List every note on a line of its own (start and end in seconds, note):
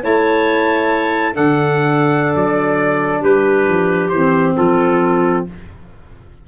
0.00 1.37 A3
0.00 1.32 E4
0.00 1.34 C#5
0.00 1.35 A5
1.32 2.35 D3
1.32 4.10 D4
1.32 3.21 A4
1.32 2.35 F#5
2.35 3.24 F#3
2.35 3.23 D5
3.21 3.68 G3
3.21 4.55 G4
3.21 4.09 B4
3.68 4.11 F3
4.09 4.55 E3
4.09 5.47 C4
4.09 4.53 C5
4.56 5.47 F3
4.56 5.45 F4
4.56 5.45 A4